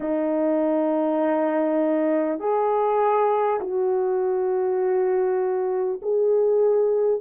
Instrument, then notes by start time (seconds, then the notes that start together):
horn
0.00 D#4
2.39 G#4
3.60 F#4
6.02 G#4